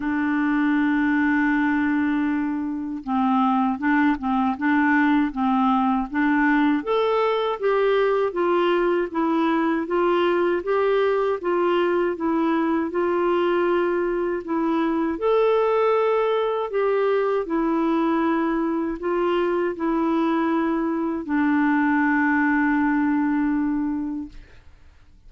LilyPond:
\new Staff \with { instrumentName = "clarinet" } { \time 4/4 \tempo 4 = 79 d'1 | c'4 d'8 c'8 d'4 c'4 | d'4 a'4 g'4 f'4 | e'4 f'4 g'4 f'4 |
e'4 f'2 e'4 | a'2 g'4 e'4~ | e'4 f'4 e'2 | d'1 | }